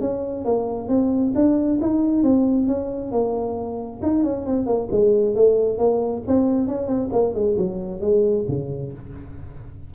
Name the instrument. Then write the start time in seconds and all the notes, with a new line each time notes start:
tuba
0.00 C#4
0.44 A#3
0.88 C4
1.35 D4
1.81 D#4
2.23 C4
2.67 C#4
3.11 A#3
4.02 D#4
4.23 C#4
4.46 C4
4.66 A#3
4.91 G#3
5.35 A3
5.78 A#3
6.27 C4
6.67 C#4
6.87 C4
7.12 A#3
7.34 G#3
7.57 F#3
8.01 G#3
8.48 C#3